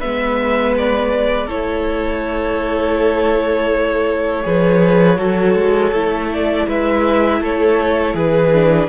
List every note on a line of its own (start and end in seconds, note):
0.00 1.50 G#3
0.00 1.49 B3
0.00 1.47 B4
0.00 0.75 E5
0.78 1.50 D5
1.47 4.46 A3
1.47 4.44 E4
1.47 4.43 A4
1.47 6.31 C#5
4.44 5.19 F3
4.44 5.18 G#4
4.44 5.19 B4
5.19 5.55 F#3
5.19 5.93 F#4
5.19 6.67 A4
5.55 5.92 G#3
5.93 6.67 A3
5.93 8.54 E4
6.33 6.69 D5
6.69 7.41 G#3
6.69 7.41 B4
6.69 7.43 E5
7.41 8.15 A3
7.41 8.15 A4
7.41 8.16 C#5
8.15 8.89 E3
8.15 8.89 G#4
8.15 8.89 B4
8.54 8.89 D4